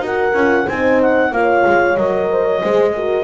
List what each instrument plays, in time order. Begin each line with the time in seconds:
0.00 double bass D#4, horn F#4 A#4
0.06 clarinet F#5
0.34 double bass C#4, horn F4
0.67 double bass C4, horn D#4 C5, clarinet G#5
1.02 clarinet F#5
1.32 double bass A#3, horn F4 C#5, clarinet F5
1.67 double bass G#3
1.97 double bass F#3, horn A#4, clarinet D#5
2.31 horn C5
2.45 horn C#5
2.62 double bass G#3, horn G#4 C5
2.95 horn F#4 A#4